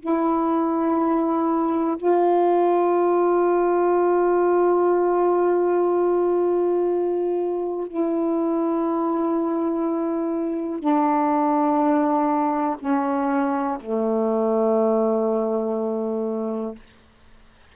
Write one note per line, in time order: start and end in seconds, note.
0.00 1.97 E4
1.97 7.86 F4
7.86 10.80 E4
10.80 12.76 D4
12.79 13.77 C#4
13.80 16.75 A3